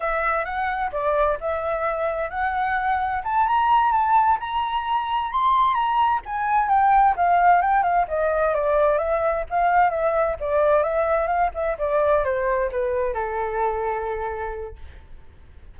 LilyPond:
\new Staff \with { instrumentName = "flute" } { \time 4/4 \tempo 4 = 130 e''4 fis''4 d''4 e''4~ | e''4 fis''2 a''8 ais''8~ | ais''8 a''4 ais''2 c'''8~ | c'''8 ais''4 gis''4 g''4 f''8~ |
f''8 g''8 f''8 dis''4 d''4 e''8~ | e''8 f''4 e''4 d''4 e''8~ | e''8 f''8 e''8 d''4 c''4 b'8~ | b'8 a'2.~ a'8 | }